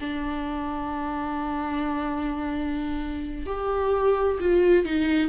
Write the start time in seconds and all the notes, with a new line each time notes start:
0.00 D4
3.46 G4
4.39 F4
4.84 D#4